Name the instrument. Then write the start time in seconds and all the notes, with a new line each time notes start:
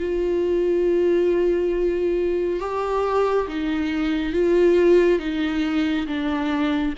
viola
0.00 F4
2.60 G4
3.48 D#4
4.33 F4
5.20 D#4
6.07 D4